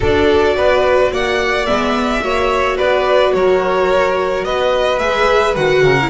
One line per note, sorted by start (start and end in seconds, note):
0.00 0.55 D4
0.00 1.66 F#4
0.00 0.55 A4
0.00 1.13 D5
0.55 1.11 B3
0.55 1.12 B4
1.12 1.67 A#3
1.12 2.23 D5
1.12 1.66 F#5
1.66 2.22 G#3
1.66 2.20 B3
1.66 2.77 E5
2.20 2.78 A#3
2.20 4.98 F#4
2.20 2.77 C#5
2.77 3.33 B3
2.77 3.33 B4
2.77 3.33 D5
3.33 4.44 F#3
3.33 4.45 A#4
3.33 4.44 C#5
4.44 5.00 B3
4.44 5.82 B4
4.44 4.98 D#5
4.98 5.55 G#3
4.98 5.54 G#4
4.98 5.54 E5
5.55 5.82 D#3
5.55 5.97 F#4
5.55 6.09 F#5
5.82 6.09 C#3
5.82 6.09 A#4
6.01 6.09 E4